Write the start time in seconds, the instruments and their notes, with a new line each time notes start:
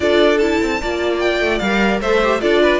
0.00 cello D4, viola F4, violin A4 D5
0.38 viola E4, violin A5
0.61 cello C4
0.81 cello A#3, viola F4, violin D5
1.19 violin G5
1.39 cello A3
1.58 cello G3, viola A#4, violin F5
2.00 cello A3, viola A4, violin C5 E5
2.23 viola G4
2.40 cello D4, viola F4, violin A4 D5
2.61 violin B4